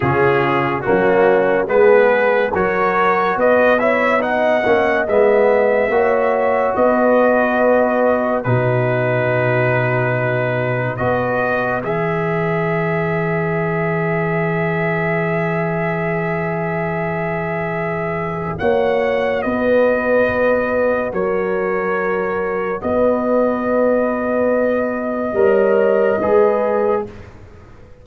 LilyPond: <<
  \new Staff \with { instrumentName = "trumpet" } { \time 4/4 \tempo 4 = 71 gis'4 fis'4 b'4 cis''4 | dis''8 e''8 fis''4 e''2 | dis''2 b'2~ | b'4 dis''4 e''2~ |
e''1~ | e''2 fis''4 dis''4~ | dis''4 cis''2 dis''4~ | dis''1 | }
  \new Staff \with { instrumentName = "horn" } { \time 4/4 f'4 cis'4 gis'4 ais'4 | b'8 cis''8 dis''2 cis''4 | b'2 fis'2~ | fis'4 b'2.~ |
b'1~ | b'2 cis''4 b'4~ | b'4 ais'2 b'4~ | b'2 cis''4 b'4 | }
  \new Staff \with { instrumentName = "trombone" } { \time 4/4 cis'4 ais4 b4 fis'4~ | fis'8 e'8 dis'8 cis'8 b4 fis'4~ | fis'2 dis'2~ | dis'4 fis'4 gis'2~ |
gis'1~ | gis'2 fis'2~ | fis'1~ | fis'2 ais'4 gis'4 | }
  \new Staff \with { instrumentName = "tuba" } { \time 4/4 cis4 fis4 gis4 fis4 | b4. ais8 gis4 ais4 | b2 b,2~ | b,4 b4 e2~ |
e1~ | e2 ais4 b4~ | b4 fis2 b4~ | b2 g4 gis4 | }
>>